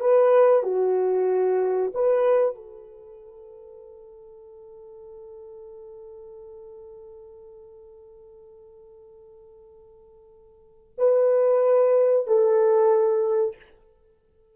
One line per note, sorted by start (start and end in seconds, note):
0.00 0.63 B4
0.63 1.92 F#4
1.94 2.55 B4
2.55 10.94 A4
10.98 12.27 B4
12.27 13.56 A4